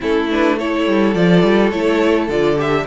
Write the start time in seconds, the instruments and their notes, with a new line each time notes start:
0.00 cello A3, viola C#4, violin E4 A4
0.30 viola D4, violin B4
0.58 viola E4, violin A4 C#5
0.87 cello G3
1.13 cello F3, viola F4, violin D5
1.43 cello G3
1.70 cello A3, viola E4, violin C#5
2.28 cello D3, viola F4, violin D5
2.56 viola G4, violin E5